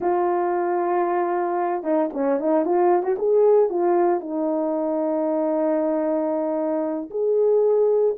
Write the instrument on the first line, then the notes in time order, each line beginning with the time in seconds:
horn
0.00 F4
1.83 D#4
2.13 C#4
2.39 D#4
2.65 F4
3.03 F#4
3.18 G#4
3.69 F4
4.20 D#4
7.10 G#4